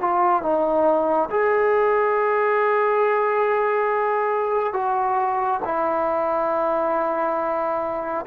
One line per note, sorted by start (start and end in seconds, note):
0.00 0.42 F4
0.42 1.29 D#4
1.30 4.73 G#4
4.73 5.60 F#4
5.64 8.25 E4